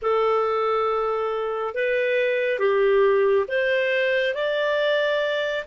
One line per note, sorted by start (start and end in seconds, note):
0.02 1.74 A4
1.74 2.59 B4
2.59 3.46 G4
3.48 4.34 C5
4.34 5.64 D5